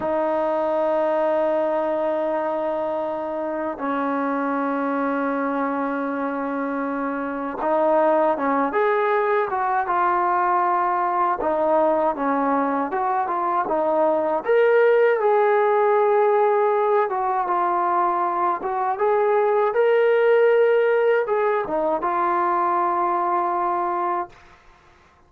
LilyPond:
\new Staff \with { instrumentName = "trombone" } { \time 4/4 \tempo 4 = 79 dis'1~ | dis'4 cis'2.~ | cis'2 dis'4 cis'8 gis'8~ | gis'8 fis'8 f'2 dis'4 |
cis'4 fis'8 f'8 dis'4 ais'4 | gis'2~ gis'8 fis'8 f'4~ | f'8 fis'8 gis'4 ais'2 | gis'8 dis'8 f'2. | }